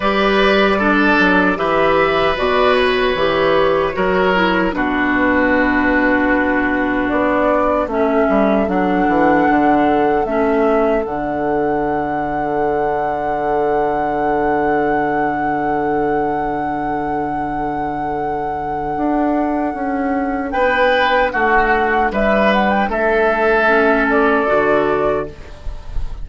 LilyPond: <<
  \new Staff \with { instrumentName = "flute" } { \time 4/4 \tempo 4 = 76 d''2 e''4 d''8 cis''8~ | cis''2 b'2~ | b'4 d''4 e''4 fis''4~ | fis''4 e''4 fis''2~ |
fis''1~ | fis''1~ | fis''2 g''4 fis''4 | e''8 fis''16 g''16 e''4. d''4. | }
  \new Staff \with { instrumentName = "oboe" } { \time 4/4 b'4 a'4 b'2~ | b'4 ais'4 fis'2~ | fis'2 a'2~ | a'1~ |
a'1~ | a'1~ | a'2 b'4 fis'4 | b'4 a'2. | }
  \new Staff \with { instrumentName = "clarinet" } { \time 4/4 g'4 d'4 g'4 fis'4 | g'4 fis'8 e'8 d'2~ | d'2 cis'4 d'4~ | d'4 cis'4 d'2~ |
d'1~ | d'1~ | d'1~ | d'2 cis'4 fis'4 | }
  \new Staff \with { instrumentName = "bassoon" } { \time 4/4 g4. fis8 e4 b,4 | e4 fis4 b,2~ | b,4 b4 a8 g8 fis8 e8 | d4 a4 d2~ |
d1~ | d1 | d'4 cis'4 b4 a4 | g4 a2 d4 | }
>>